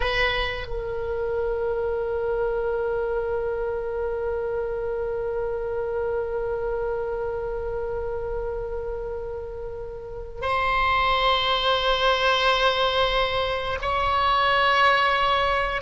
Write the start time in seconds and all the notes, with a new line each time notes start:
0.00 B4
0.67 A#4
10.41 C5
13.81 C#5